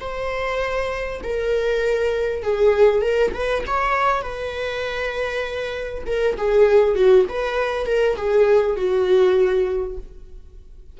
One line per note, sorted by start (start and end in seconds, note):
0.00 1.21 C5
1.23 2.43 A#4
2.43 3.02 G#4
3.02 3.32 A#4
3.34 3.64 B4
3.67 4.22 C#5
4.22 6.04 B4
6.06 6.37 A#4
6.37 6.95 G#4
6.95 7.25 F#4
7.29 7.86 B4
7.86 8.16 A#4
8.16 8.76 G#4
8.76 9.98 F#4